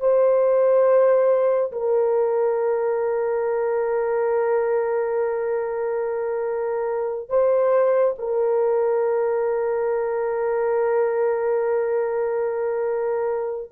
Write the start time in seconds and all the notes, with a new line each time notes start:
0.00 C5
1.72 A#4
7.29 C5
8.18 A#4